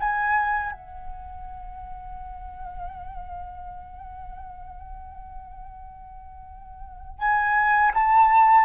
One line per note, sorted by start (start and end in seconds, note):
0.00 0.72 G#5
0.72 7.19 F#5
7.19 7.92 G#5
7.95 8.65 A5